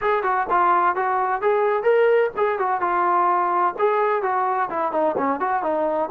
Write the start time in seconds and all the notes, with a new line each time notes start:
0.01 G#4
0.23 F#4
0.49 F4
0.95 F#4
1.41 G#4
1.83 A#4
2.37 G#4
2.58 F#4
2.80 F4
3.79 G#4
4.22 F#4
4.70 E4
4.92 D#4
5.17 C#4
5.39 F#4
5.62 D#4